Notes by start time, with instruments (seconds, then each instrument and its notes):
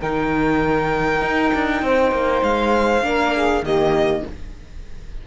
0.00 cello D#3, viola D#4, saxophone A#4, violin G5
1.21 cello D#4
1.54 cello D4
1.82 cello C4, saxophone C5
2.12 cello A#3
2.43 cello G#3, violin F5
3.02 cello A#3, viola D4, saxophone A#4
3.34 saxophone G#4
3.62 cello D#3, viola A#3, saxophone G4, violin D#5